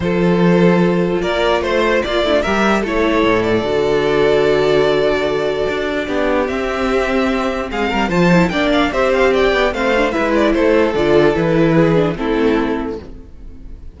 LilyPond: <<
  \new Staff \with { instrumentName = "violin" } { \time 4/4 \tempo 4 = 148 c''2. d''4 | c''4 d''4 e''4 cis''4~ | cis''8 d''2.~ d''8~ | d''1 |
e''2. f''4 | a''4 g''8 f''8 e''8 f''8 g''4 | f''4 e''8 d''8 c''4 d''4 | b'2 a'2 | }
  \new Staff \with { instrumentName = "violin" } { \time 4/4 a'2. ais'4 | c''4 f'8 e'16 f'16 ais'4 a'4~ | a'1~ | a'2. g'4~ |
g'2. gis'8 ais'8 | c''4 d''4 c''4 d''4 | c''4 b'4 a'2~ | a'4 gis'4 e'2 | }
  \new Staff \with { instrumentName = "viola" } { \time 4/4 f'1~ | f'4. d'8 g'4 e'4~ | e'4 fis'2.~ | fis'2. d'4 |
c'1 | f'8 e'8 d'4 g'2 | c'8 d'8 e'2 f'4 | e'4. d'8 c'2 | }
  \new Staff \with { instrumentName = "cello" } { \time 4/4 f2. ais4 | a4 ais8 a8 g4 a4 | a,4 d2.~ | d2 d'4 b4 |
c'2. gis8 g8 | f4 ais4 c'4. b8 | a4 gis4 a4 d4 | e2 a2 | }
>>